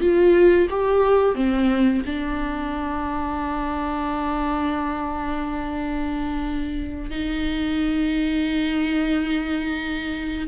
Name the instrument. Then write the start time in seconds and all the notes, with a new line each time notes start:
viola
0.00 F4
0.70 G4
1.35 C4
2.06 D4
7.10 D#4